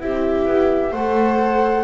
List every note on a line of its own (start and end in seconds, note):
0.00 0.46 C4
0.00 0.92 E4
0.00 0.92 G4
0.00 0.93 E5
0.46 0.92 B3
0.92 1.84 A3
0.92 1.84 A4
0.92 1.84 C5
0.92 1.84 F#5